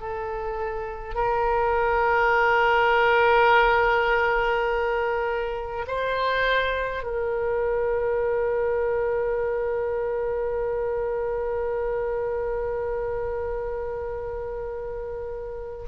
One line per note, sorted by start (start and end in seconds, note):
0.00 1.15 A4
1.15 5.86 A#4
5.87 7.03 C5
7.03 15.86 A#4